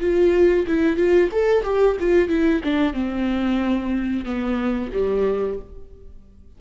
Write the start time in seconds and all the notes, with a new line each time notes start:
0.00 F4
0.67 E4
0.97 F4
1.32 A4
1.64 G4
2.00 F4
2.29 E4
2.64 D4
2.93 C4
4.25 B3
4.93 G3